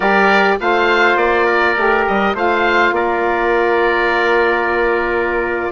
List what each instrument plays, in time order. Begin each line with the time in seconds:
0.00 bassoon G3, saxophone G4, trumpet A#4, oboe D5
0.58 bassoon A3, saxophone F4, trumpet C5, oboe F5
1.16 bassoon A#3, oboe D5
1.46 trumpet A#4
1.76 bassoon A3, saxophone G4
2.07 bassoon G3, oboe D#5
2.34 bassoon A3, saxophone F4, trumpet C5, oboe F5
2.91 bassoon A#3, trumpet A#4, oboe D5